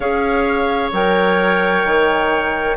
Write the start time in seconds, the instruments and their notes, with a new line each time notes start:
0.00 bassoon C#4, clarinet G#4, oboe C#5, flute F5
0.92 bassoon F#3, clarinet A#4, flute G5
1.84 bassoon D#3